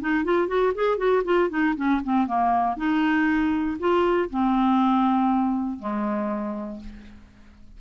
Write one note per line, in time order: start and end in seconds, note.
0.00 0.24 D#4
0.24 0.47 F4
0.47 0.73 F#4
0.74 0.97 G#4
0.97 1.22 F#4
1.24 1.49 F4
1.49 1.75 D#4
1.76 2.01 C#4
2.04 2.26 C4
2.26 2.77 A#3
2.77 3.77 D#4
3.79 4.29 F4
4.30 5.79 C4
5.79 6.80 G#3